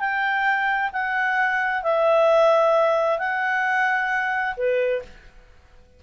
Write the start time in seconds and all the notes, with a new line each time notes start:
0.00 G5
0.93 F#5
1.83 E5
3.19 F#5
4.57 B4